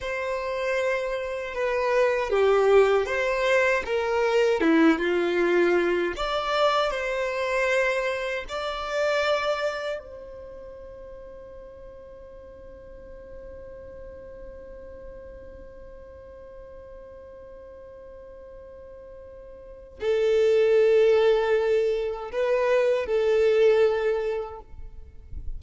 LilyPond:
\new Staff \with { instrumentName = "violin" } { \time 4/4 \tempo 4 = 78 c''2 b'4 g'4 | c''4 ais'4 e'8 f'4. | d''4 c''2 d''4~ | d''4 c''2.~ |
c''1~ | c''1~ | c''2 a'2~ | a'4 b'4 a'2 | }